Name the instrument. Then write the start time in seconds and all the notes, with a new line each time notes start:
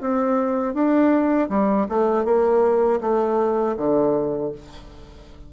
bassoon
0.00 C4
0.73 D4
1.49 G3
1.89 A3
2.25 A#3
3.00 A3
3.77 D3